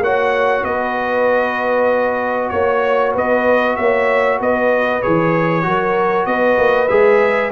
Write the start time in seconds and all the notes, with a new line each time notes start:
0.00 A#3 F#4 C#5 F#5
0.63 B3 B4 D#5
2.49 A#3 C#5
3.14 B3 B4 D#5
3.76 A#3 C#5 E5
4.40 B3 B4 D#5
5.02 E3 G#4 C#5
5.62 F#3 F#4 A#4
6.26 B3 B4 D#5
6.58 A#3
6.88 G#3 G#4 E5